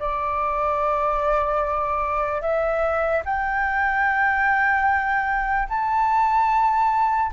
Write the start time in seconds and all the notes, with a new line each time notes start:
0.00 D5
2.42 E5
3.26 G5
5.69 A5